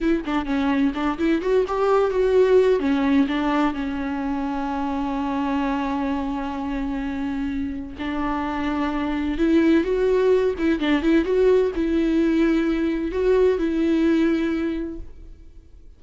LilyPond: \new Staff \with { instrumentName = "viola" } { \time 4/4 \tempo 4 = 128 e'8 d'8 cis'4 d'8 e'8 fis'8 g'8~ | g'8 fis'4. cis'4 d'4 | cis'1~ | cis'1~ |
cis'4 d'2. | e'4 fis'4. e'8 d'8 e'8 | fis'4 e'2. | fis'4 e'2. | }